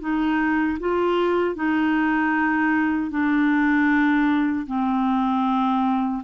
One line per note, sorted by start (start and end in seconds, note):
0.00 0.78 D#4
0.79 1.55 F4
1.55 3.10 D#4
3.10 4.66 D4
4.66 6.22 C4